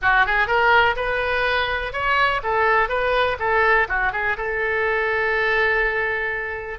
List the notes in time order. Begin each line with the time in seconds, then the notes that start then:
0.01 F#4
0.26 G#4
0.47 A#4
0.95 B4
1.92 C#5
2.43 A4
2.89 B4
3.39 A4
3.88 F#4
4.12 G#4
4.37 A4